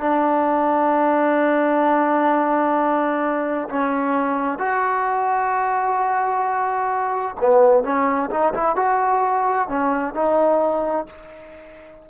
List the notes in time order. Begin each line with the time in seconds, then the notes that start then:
0.00 D4
3.70 C#4
4.59 F#4
7.41 B3
7.84 C#4
8.31 D#4
8.54 E4
8.76 F#4
9.69 C#4
10.15 D#4